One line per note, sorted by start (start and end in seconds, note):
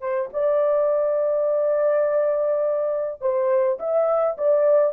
0.00 0.29 C5
0.33 3.21 D5
3.21 3.78 C5
3.79 4.36 E5
4.37 4.93 D5